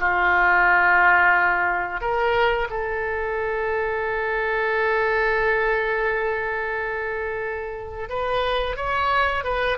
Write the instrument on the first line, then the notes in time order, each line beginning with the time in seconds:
oboe
0.00 F4
2.01 A#4
2.70 A4
8.09 B4
8.77 C#5
9.44 B4